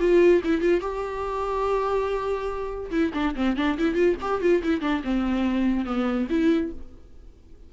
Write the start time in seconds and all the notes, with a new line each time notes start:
0.00 F4
0.44 E4
0.61 F4
0.81 G4
2.91 E4
3.14 D4
3.36 C4
3.57 D4
3.78 E4
3.95 F4
4.21 G4
4.41 F4
4.63 E4
4.81 D4
5.04 C4
5.86 B3
6.30 E4